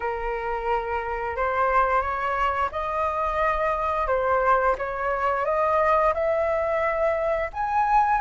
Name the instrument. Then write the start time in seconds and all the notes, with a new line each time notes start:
flute
0.00 A#4
1.36 C5
2.01 C#5
2.71 D#5
4.07 C5
4.77 C#5
5.45 D#5
6.14 E5
7.53 G#5